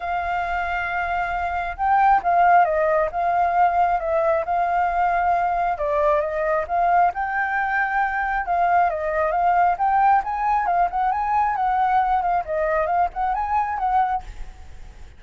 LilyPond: \new Staff \with { instrumentName = "flute" } { \time 4/4 \tempo 4 = 135 f''1 | g''4 f''4 dis''4 f''4~ | f''4 e''4 f''2~ | f''4 d''4 dis''4 f''4 |
g''2. f''4 | dis''4 f''4 g''4 gis''4 | f''8 fis''8 gis''4 fis''4. f''8 | dis''4 f''8 fis''8 gis''4 fis''4 | }